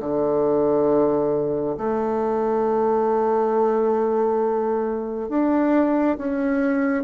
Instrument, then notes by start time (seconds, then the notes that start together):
bassoon
0.00 D3
1.78 A3
5.29 D4
6.18 C#4